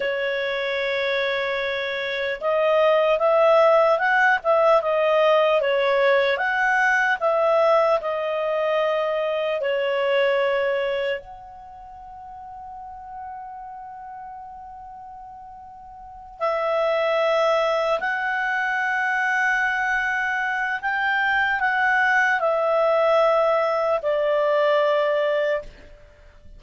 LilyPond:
\new Staff \with { instrumentName = "clarinet" } { \time 4/4 \tempo 4 = 75 cis''2. dis''4 | e''4 fis''8 e''8 dis''4 cis''4 | fis''4 e''4 dis''2 | cis''2 fis''2~ |
fis''1~ | fis''8 e''2 fis''4.~ | fis''2 g''4 fis''4 | e''2 d''2 | }